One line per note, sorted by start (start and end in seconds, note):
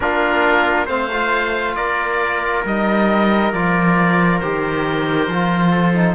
0.00 0.88 A#3
0.00 0.87 D4
0.00 0.86 F4
0.00 0.88 A#4
0.86 1.76 A3
0.86 1.09 C4
0.86 1.74 C5
0.86 1.75 F5
1.12 2.66 F4
1.75 2.64 A#3
1.75 5.71 A#4
1.75 2.63 D5
2.64 3.52 G3
2.64 3.54 D#4
2.64 3.53 D#5
3.52 4.40 F3
3.52 4.42 F4
3.52 4.39 D5
4.39 5.28 D#3
4.39 5.30 G4
4.39 6.15 C5
5.28 6.15 F3
5.28 5.94 F4
5.71 6.15 A4
5.94 6.15 D#4